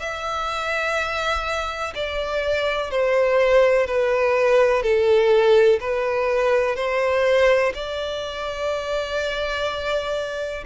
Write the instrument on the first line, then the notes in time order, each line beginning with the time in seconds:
violin
0.00 E5
1.95 D5
2.91 C5
3.87 B4
4.83 A4
5.80 B4
6.76 C5
7.74 D5